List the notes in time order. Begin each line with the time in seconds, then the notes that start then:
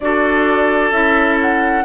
0.00 D4 F#4 A4 D5
0.91 C#4 E4 E5
1.41 F#5